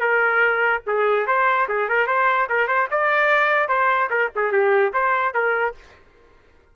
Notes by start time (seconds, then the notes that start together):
0.00 A#4
0.86 G#4
1.26 C5
1.68 G#4
1.89 A#4
2.06 C5
2.49 A#4
2.67 C5
2.91 D5
3.68 C5
4.10 A#4
4.35 G#4
4.52 G4
4.93 C5
5.34 A#4